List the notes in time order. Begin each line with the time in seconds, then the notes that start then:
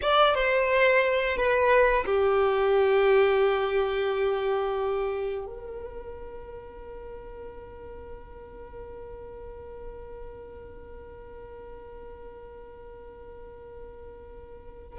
0.02 D5
0.34 C5
1.36 B4
2.05 G4
5.45 A#4